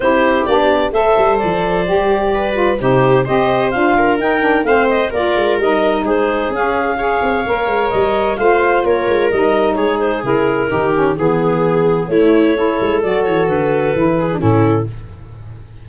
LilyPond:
<<
  \new Staff \with { instrumentName = "clarinet" } { \time 4/4 \tempo 4 = 129 c''4 d''4 e''4 d''4~ | d''2 c''4 dis''4 | f''4 g''4 f''8 dis''8 d''4 | dis''4 c''4 f''2~ |
f''4 dis''4 f''4 cis''4 | dis''4 cis''8 c''8 ais'2 | gis'2 cis''2 | d''8 cis''8 b'2 a'4 | }
  \new Staff \with { instrumentName = "viola" } { \time 4/4 g'2 c''2~ | c''4 b'4 g'4 c''4~ | c''8 ais'4. c''4 ais'4~ | ais'4 gis'2 cis''4~ |
cis''2 c''4 ais'4~ | ais'4 gis'2 g'4 | gis'2 e'4 a'4~ | a'2~ a'8 gis'8 e'4 | }
  \new Staff \with { instrumentName = "saxophone" } { \time 4/4 e'4 d'4 a'2 | g'4. f'8 dis'4 g'4 | f'4 dis'8 d'8 c'4 f'4 | dis'2 cis'4 gis'4 |
ais'2 f'2 | dis'2 e'4 dis'8 cis'8 | b2 a4 e'4 | fis'2 e'8. d'16 cis'4 | }
  \new Staff \with { instrumentName = "tuba" } { \time 4/4 c'4 b4 a8 g8 f4 | g2 c4 c'4 | d'4 dis'4 a4 ais8 gis8 | g4 gis4 cis'4. c'8 |
ais8 gis8 g4 a4 ais8 gis8 | g4 gis4 cis4 dis4 | e2 a4. gis8 | fis8 e8 d4 e4 a,4 | }
>>